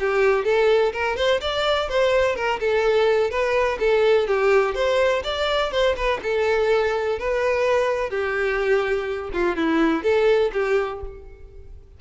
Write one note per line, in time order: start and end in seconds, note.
0.00 0.45 G4
0.45 0.93 A4
0.93 1.17 A#4
1.17 1.41 C5
1.41 1.89 D5
1.89 2.36 C5
2.36 2.60 A#4
2.60 3.31 A4
3.31 3.79 B4
3.80 4.27 A4
4.27 4.75 G4
4.75 5.23 C5
5.24 5.72 D5
5.72 5.96 C5
5.97 6.21 B4
6.23 7.19 A4
7.19 8.11 B4
8.11 9.31 G4
9.33 9.57 F4
9.57 10.03 E4
10.03 10.51 A4
10.53 11.01 G4